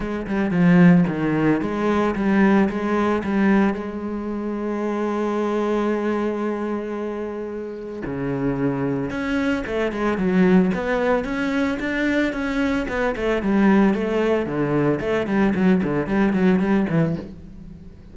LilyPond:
\new Staff \with { instrumentName = "cello" } { \time 4/4 \tempo 4 = 112 gis8 g8 f4 dis4 gis4 | g4 gis4 g4 gis4~ | gis1~ | gis2. cis4~ |
cis4 cis'4 a8 gis8 fis4 | b4 cis'4 d'4 cis'4 | b8 a8 g4 a4 d4 | a8 g8 fis8 d8 g8 fis8 g8 e8 | }